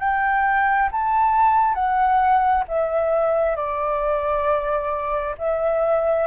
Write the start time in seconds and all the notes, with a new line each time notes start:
0.00 G5
0.92 A5
1.75 F#5
2.69 E5
3.57 D5
5.39 E5